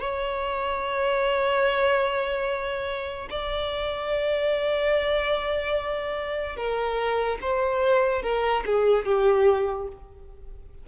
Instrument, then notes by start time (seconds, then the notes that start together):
violin
0.00 C#5
3.30 D5
6.56 A#4
7.41 C5
8.22 A#4
8.66 G#4
9.06 G4